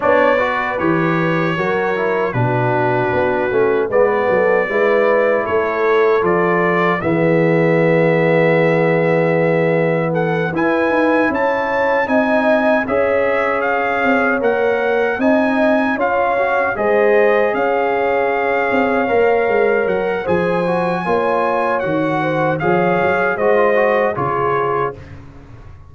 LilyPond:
<<
  \new Staff \with { instrumentName = "trumpet" } { \time 4/4 \tempo 4 = 77 d''4 cis''2 b'4~ | b'4 d''2 cis''4 | d''4 e''2.~ | e''4 fis''8 gis''4 a''4 gis''8~ |
gis''8 e''4 f''4 fis''4 gis''8~ | gis''8 f''4 dis''4 f''4.~ | f''4. fis''8 gis''2 | fis''4 f''4 dis''4 cis''4 | }
  \new Staff \with { instrumentName = "horn" } { \time 4/4 cis''8 b'4. ais'4 fis'4~ | fis'4 b'8 a'8 b'4 a'4~ | a'4 gis'2.~ | gis'4 a'8 b'4 cis''4 dis''8~ |
dis''8 cis''2. dis''8~ | dis''8 cis''4 c''4 cis''4.~ | cis''2 c''4 cis''4~ | cis''8 c''8 cis''4 c''4 gis'4 | }
  \new Staff \with { instrumentName = "trombone" } { \time 4/4 d'8 fis'8 g'4 fis'8 e'8 d'4~ | d'8 cis'8 b4 e'2 | f'4 b2.~ | b4. e'2 dis'8~ |
dis'8 gis'2 ais'4 dis'8~ | dis'8 f'8 fis'8 gis'2~ gis'8~ | gis'8 ais'4. gis'8 fis'8 f'4 | fis'4 gis'4 fis'16 f'16 fis'8 f'4 | }
  \new Staff \with { instrumentName = "tuba" } { \time 4/4 b4 e4 fis4 b,4 | b8 a8 gis8 fis8 gis4 a4 | f4 e2.~ | e4. e'8 dis'8 cis'4 c'8~ |
c'8 cis'4. c'8 ais4 c'8~ | c'8 cis'4 gis4 cis'4. | c'8 ais8 gis8 fis8 f4 ais4 | dis4 f8 fis8 gis4 cis4 | }
>>